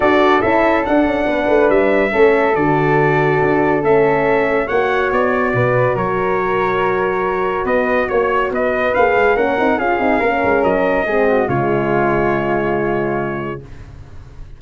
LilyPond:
<<
  \new Staff \with { instrumentName = "trumpet" } { \time 4/4 \tempo 4 = 141 d''4 e''4 fis''2 | e''2 d''2~ | d''4 e''2 fis''4 | d''2 cis''2~ |
cis''2 dis''4 cis''4 | dis''4 f''4 fis''4 f''4~ | f''4 dis''2 cis''4~ | cis''1 | }
  \new Staff \with { instrumentName = "flute" } { \time 4/4 a'2. b'4~ | b'4 a'2.~ | a'2. cis''4~ | cis''4 b'4 ais'2~ |
ais'2 b'4 cis''4 | b'2 ais'4 gis'4 | ais'2 gis'8 fis'8 f'4~ | f'1 | }
  \new Staff \with { instrumentName = "horn" } { \time 4/4 fis'4 e'4 d'2~ | d'4 cis'4 fis'2~ | fis'4 cis'2 fis'4~ | fis'1~ |
fis'1~ | fis'4 gis'4 cis'8 dis'8 f'8 dis'8 | cis'2 c'4 gis4~ | gis1 | }
  \new Staff \with { instrumentName = "tuba" } { \time 4/4 d'4 cis'4 d'8 cis'8 b8 a8 | g4 a4 d2 | d'4 a2 ais4 | b4 b,4 fis2~ |
fis2 b4 ais4 | b4 ais8 gis8 ais8 c'8 cis'8 c'8 | ais8 gis8 fis4 gis4 cis4~ | cis1 | }
>>